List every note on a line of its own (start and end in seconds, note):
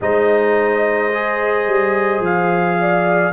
0.00 1.66 G#3
0.00 1.12 D#4
0.00 2.79 C5
0.00 2.24 D#5
1.13 3.33 G#4
1.66 2.19 G3
2.19 3.31 F3
2.19 3.33 F5
2.80 3.33 D5